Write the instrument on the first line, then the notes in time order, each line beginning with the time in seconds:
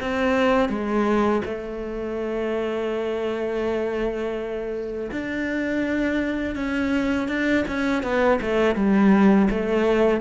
cello
0.00 C4
0.69 G#3
1.45 A3
5.11 D4
6.55 C#4
7.28 D4
7.68 C#4
8.03 B3
8.41 A3
8.75 G3
9.50 A3